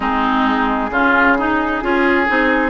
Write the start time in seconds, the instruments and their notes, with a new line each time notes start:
0.00 bassoon G#3, clarinet C4, oboe D#4, flute G#4
0.90 bassoon C#3, clarinet C#4, oboe F4
1.38 clarinet D#4, oboe D#4
1.81 bassoon C#4, clarinet F4, oboe G#4
2.27 bassoon C4, clarinet D#4